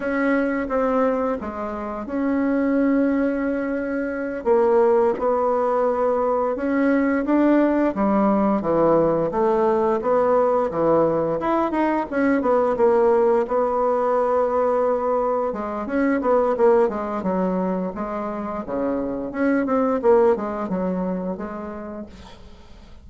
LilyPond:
\new Staff \with { instrumentName = "bassoon" } { \time 4/4 \tempo 4 = 87 cis'4 c'4 gis4 cis'4~ | cis'2~ cis'8 ais4 b8~ | b4. cis'4 d'4 g8~ | g8 e4 a4 b4 e8~ |
e8 e'8 dis'8 cis'8 b8 ais4 b8~ | b2~ b8 gis8 cis'8 b8 | ais8 gis8 fis4 gis4 cis4 | cis'8 c'8 ais8 gis8 fis4 gis4 | }